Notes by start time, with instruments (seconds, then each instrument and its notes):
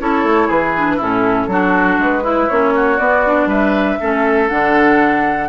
0.00 bassoon C#4, clarinet E4, oboe A4, flute C#5
0.24 bassoon A3
0.48 bassoon E3, oboe G#4, flute B4
0.77 clarinet D4
0.97 bassoon A2, clarinet C#4, oboe E4, flute A4
1.48 bassoon F#3, clarinet D4, oboe F#4
1.99 bassoon G#3, flute B4
2.23 clarinet E4, oboe E4
2.49 bassoon A#3, clarinet C#4, flute C#5
2.76 oboe F#4
2.99 clarinet B3, bassoon B3, flute D5
3.26 clarinet D4
3.47 bassoon G3, oboe B4, flute E5
4.01 bassoon A3, clarinet C#4, oboe A4
4.49 bassoon D3, clarinet D4, flute F#5